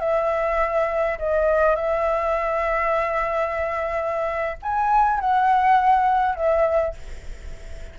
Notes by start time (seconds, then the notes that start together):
0.00 E5
1.19 D#5
1.76 E5
4.63 G#5
5.21 F#5
6.35 E5